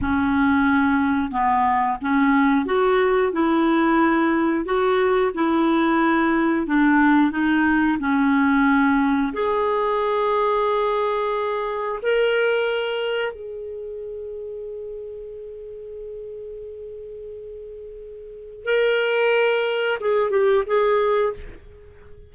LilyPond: \new Staff \with { instrumentName = "clarinet" } { \time 4/4 \tempo 4 = 90 cis'2 b4 cis'4 | fis'4 e'2 fis'4 | e'2 d'4 dis'4 | cis'2 gis'2~ |
gis'2 ais'2 | gis'1~ | gis'1 | ais'2 gis'8 g'8 gis'4 | }